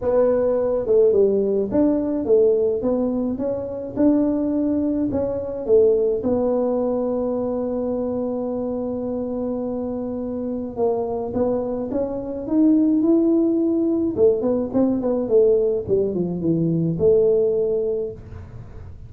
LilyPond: \new Staff \with { instrumentName = "tuba" } { \time 4/4 \tempo 4 = 106 b4. a8 g4 d'4 | a4 b4 cis'4 d'4~ | d'4 cis'4 a4 b4~ | b1~ |
b2. ais4 | b4 cis'4 dis'4 e'4~ | e'4 a8 b8 c'8 b8 a4 | g8 f8 e4 a2 | }